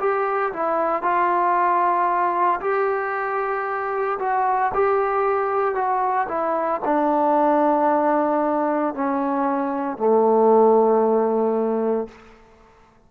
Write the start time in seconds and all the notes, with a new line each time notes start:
0.00 G4
0.53 E4
1.02 F4
2.61 G4
4.20 F#4
4.74 G4
5.75 F#4
6.29 E4
6.85 D4
8.95 C#4
9.98 A3